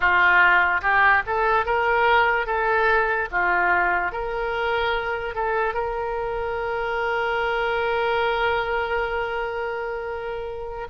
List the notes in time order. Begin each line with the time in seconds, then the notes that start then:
0.00 F4
0.81 G4
1.26 A4
1.65 A#4
2.46 A4
3.31 F4
4.11 A#4
5.34 A4
5.73 A#4